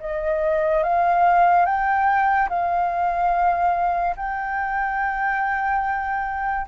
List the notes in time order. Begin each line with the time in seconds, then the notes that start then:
0.00 D#5
0.83 F5
1.66 G5
2.49 F5
4.16 G5